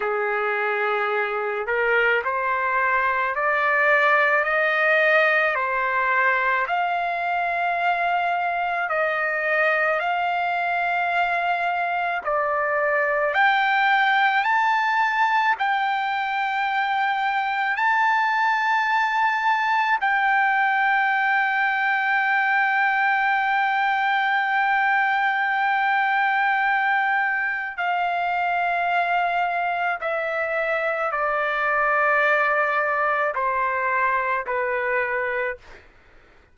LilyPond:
\new Staff \with { instrumentName = "trumpet" } { \time 4/4 \tempo 4 = 54 gis'4. ais'8 c''4 d''4 | dis''4 c''4 f''2 | dis''4 f''2 d''4 | g''4 a''4 g''2 |
a''2 g''2~ | g''1~ | g''4 f''2 e''4 | d''2 c''4 b'4 | }